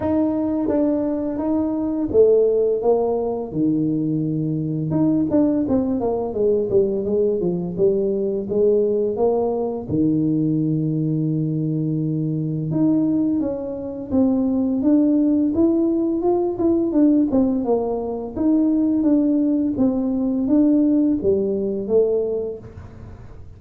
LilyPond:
\new Staff \with { instrumentName = "tuba" } { \time 4/4 \tempo 4 = 85 dis'4 d'4 dis'4 a4 | ais4 dis2 dis'8 d'8 | c'8 ais8 gis8 g8 gis8 f8 g4 | gis4 ais4 dis2~ |
dis2 dis'4 cis'4 | c'4 d'4 e'4 f'8 e'8 | d'8 c'8 ais4 dis'4 d'4 | c'4 d'4 g4 a4 | }